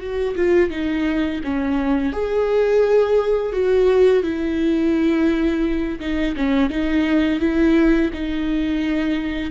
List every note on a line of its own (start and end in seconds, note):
0.00 0.35 F#4
0.36 0.70 F4
0.70 1.41 D#4
1.44 2.12 C#4
2.12 3.53 G#4
3.53 4.23 F#4
4.23 6.00 E4
6.00 6.35 D#4
6.37 6.70 C#4
6.70 7.40 D#4
7.40 8.10 E4
8.14 9.51 D#4